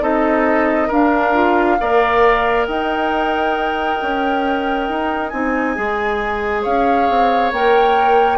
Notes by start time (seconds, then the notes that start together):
0.00 C4 D#4 A4 D#5
0.88 D4 A#4 F5
1.34 F4
1.80 A#3 A#4 D5
2.66 D#4 D#5 G5
4.02 C#4
4.89 D#4
5.29 C4 D#4 G#5
5.76 G#3 G#4
6.62 C#4 C#5 F5
7.09 C4
7.52 A#3 A#4 G5